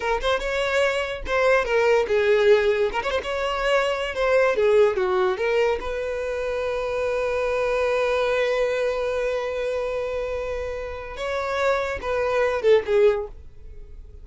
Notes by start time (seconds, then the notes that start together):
0.00 A#4
0.21 C5
0.39 C#5
1.26 C5
1.64 A#4
2.07 G#4
2.92 A#4
3.02 C#5
3.10 C5
3.23 C#5
4.14 C5
4.56 G#4
4.96 F#4
5.37 A#4
5.80 B4
11.16 C#5
12.01 B4
12.62 A4
12.85 G#4